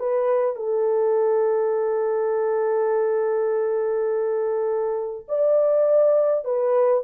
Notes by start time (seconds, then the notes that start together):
0.00 B4
0.56 A4
5.29 D5
6.45 B4